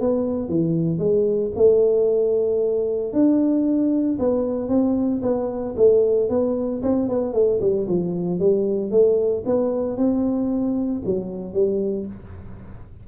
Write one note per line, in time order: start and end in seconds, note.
0.00 0.49 B3
0.49 0.99 E3
0.99 1.51 G#3
1.56 3.13 A3
3.13 4.18 D4
4.19 4.69 B3
4.69 5.22 C4
5.22 5.75 B3
5.77 6.29 A3
6.29 6.82 B3
6.83 7.09 C4
7.09 7.33 B3
7.33 7.60 A3
7.61 7.87 G3
7.88 8.39 F3
8.39 8.91 G3
8.91 9.44 A3
9.46 9.97 B3
9.97 11.02 C4
11.05 11.54 F#3
11.54 12.06 G3